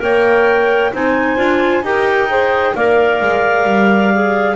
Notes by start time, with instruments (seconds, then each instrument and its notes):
0.00 double bass A#3, clarinet A#4 G5, saxophone C#5
0.93 double bass C4, clarinet D#4 G#5, saxophone C5
1.38 double bass D4, clarinet F4
1.83 double bass D#4, clarinet G4 G5, saxophone A#4
2.30 clarinet G#4, saxophone C5
2.75 double bass A#3, clarinet A#4 F5, saxophone D5
3.21 double bass G#3
3.65 double bass G3
4.15 clarinet G#4